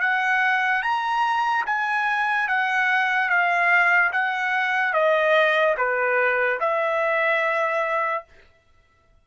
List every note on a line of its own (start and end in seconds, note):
0.00 0.82 F#5
0.82 1.64 A#5
1.66 2.47 G#5
2.47 3.29 F#5
3.29 4.11 F5
4.12 4.93 F#5
4.93 5.75 D#5
5.77 6.59 B4
6.59 8.24 E5